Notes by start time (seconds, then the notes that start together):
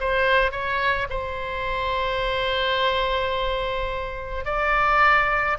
0.00 C5
0.51 C#5
1.10 C5
4.45 D5